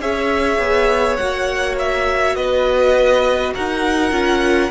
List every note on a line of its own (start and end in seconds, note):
0.00 0.59 C#4
0.00 1.19 G#4
0.00 2.36 C#5
0.00 1.17 E5
0.59 1.17 B3
1.17 2.37 A#3
1.17 4.12 F#4
1.17 1.75 F#5
1.79 2.36 E5
2.36 3.54 B3
2.36 3.53 B4
2.36 3.54 D#5
3.54 4.11 D#4
3.54 4.71 A#4
3.54 4.71 F#5
4.11 4.70 C#4
4.11 4.70 F4